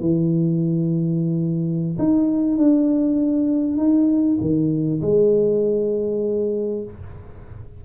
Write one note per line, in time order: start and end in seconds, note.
0.00 1.97 E3
1.98 2.57 D#4
2.57 3.77 D4
3.77 4.38 D#4
4.40 5.01 D#3
5.01 6.83 G#3